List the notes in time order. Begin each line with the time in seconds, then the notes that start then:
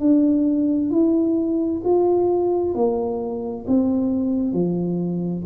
0.00 D4
0.91 E4
1.85 F4
2.75 A#3
3.68 C4
4.53 F3